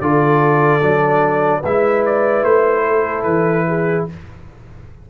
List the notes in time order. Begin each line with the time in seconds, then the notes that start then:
0.00 D3 F4 A4 D5
0.80 F#3 D4
1.59 G#3 B4 E5
1.66 E4
2.05 D5
2.43 A3 C5
2.85 A4
3.23 E3 B4
3.68 G#4